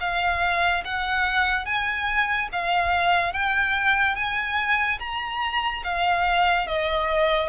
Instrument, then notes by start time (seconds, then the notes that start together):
violin
0.00 F5
0.84 F#5
1.65 G#5
2.52 F5
3.33 G5
4.15 G#5
4.99 A#5
5.84 F5
6.67 D#5